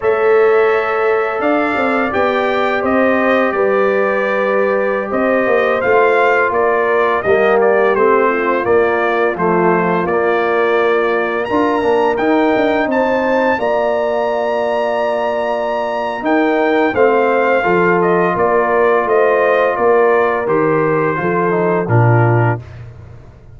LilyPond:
<<
  \new Staff \with { instrumentName = "trumpet" } { \time 4/4 \tempo 4 = 85 e''2 f''4 g''4 | dis''4 d''2~ d''16 dis''8.~ | dis''16 f''4 d''4 dis''8 d''8 c''8.~ | c''16 d''4 c''4 d''4.~ d''16~ |
d''16 ais''4 g''4 a''4 ais''8.~ | ais''2. g''4 | f''4. dis''8 d''4 dis''4 | d''4 c''2 ais'4 | }
  \new Staff \with { instrumentName = "horn" } { \time 4/4 cis''2 d''2 | c''4 b'2~ b'16 c''8.~ | c''4~ c''16 ais'4 g'4. f'16~ | f'1~ |
f'16 ais'2 c''4 d''8.~ | d''2. ais'4 | c''4 a'4 ais'4 c''4 | ais'2 a'4 f'4 | }
  \new Staff \with { instrumentName = "trombone" } { \time 4/4 a'2. g'4~ | g'1~ | g'16 f'2 ais4 c'8.~ | c'16 ais4 a4 ais4.~ ais16~ |
ais16 f'8 d'8 dis'2 f'8.~ | f'2. dis'4 | c'4 f'2.~ | f'4 g'4 f'8 dis'8 d'4 | }
  \new Staff \with { instrumentName = "tuba" } { \time 4/4 a2 d'8 c'8 b4 | c'4 g2~ g16 c'8 ais16~ | ais16 a4 ais4 g4 a8.~ | a16 ais4 f4 ais4.~ ais16~ |
ais16 d'8 ais8 dis'8 d'8 c'4 ais8.~ | ais2. dis'4 | a4 f4 ais4 a4 | ais4 dis4 f4 ais,4 | }
>>